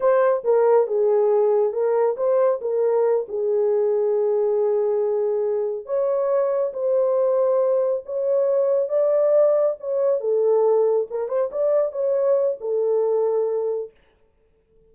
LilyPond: \new Staff \with { instrumentName = "horn" } { \time 4/4 \tempo 4 = 138 c''4 ais'4 gis'2 | ais'4 c''4 ais'4. gis'8~ | gis'1~ | gis'4. cis''2 c''8~ |
c''2~ c''8 cis''4.~ | cis''8 d''2 cis''4 a'8~ | a'4. ais'8 c''8 d''4 cis''8~ | cis''4 a'2. | }